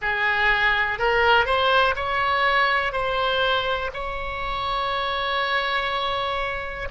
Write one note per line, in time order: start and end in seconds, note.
0.01 0.98 G#4
0.98 1.45 A#4
1.45 1.94 C5
1.95 2.92 C#5
2.92 3.90 C5
3.93 6.88 C#5